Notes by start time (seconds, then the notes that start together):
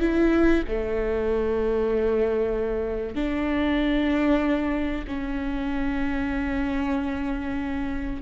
0.00 E4
0.68 A3
3.15 D4
5.08 C#4